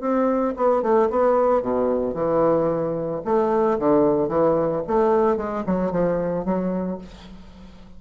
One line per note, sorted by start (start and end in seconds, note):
0.00 0.54 C4
0.56 0.82 B3
0.82 1.09 A3
1.10 1.62 B3
1.62 2.14 B2
2.14 3.21 E3
3.24 3.78 A3
3.78 4.28 D3
4.28 4.81 E3
4.87 5.37 A3
5.37 5.63 G#3
5.66 5.91 F#3
5.91 6.44 F3
6.45 6.98 F#3